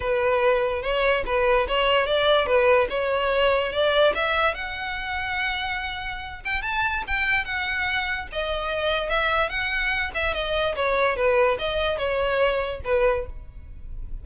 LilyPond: \new Staff \with { instrumentName = "violin" } { \time 4/4 \tempo 4 = 145 b'2 cis''4 b'4 | cis''4 d''4 b'4 cis''4~ | cis''4 d''4 e''4 fis''4~ | fis''2.~ fis''8 g''8 |
a''4 g''4 fis''2 | dis''2 e''4 fis''4~ | fis''8 e''8 dis''4 cis''4 b'4 | dis''4 cis''2 b'4 | }